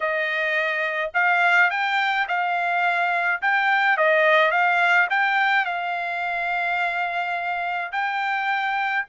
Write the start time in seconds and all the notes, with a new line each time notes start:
0.00 D#5
1.13 F5
1.70 G5
2.27 F5
3.41 G5
3.97 D#5
4.51 F5
5.09 G5
5.65 F5
7.92 G5